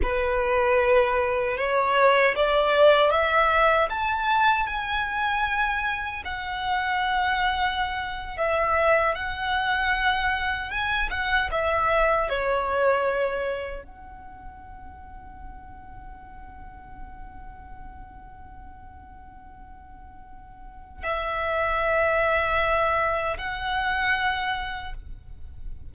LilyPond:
\new Staff \with { instrumentName = "violin" } { \time 4/4 \tempo 4 = 77 b'2 cis''4 d''4 | e''4 a''4 gis''2 | fis''2~ fis''8. e''4 fis''16~ | fis''4.~ fis''16 gis''8 fis''8 e''4 cis''16~ |
cis''4.~ cis''16 fis''2~ fis''16~ | fis''1~ | fis''2. e''4~ | e''2 fis''2 | }